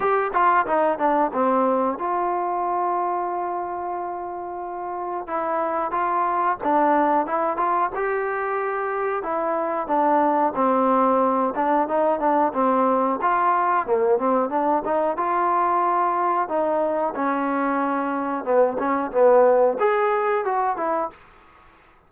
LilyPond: \new Staff \with { instrumentName = "trombone" } { \time 4/4 \tempo 4 = 91 g'8 f'8 dis'8 d'8 c'4 f'4~ | f'1 | e'4 f'4 d'4 e'8 f'8 | g'2 e'4 d'4 |
c'4. d'8 dis'8 d'8 c'4 | f'4 ais8 c'8 d'8 dis'8 f'4~ | f'4 dis'4 cis'2 | b8 cis'8 b4 gis'4 fis'8 e'8 | }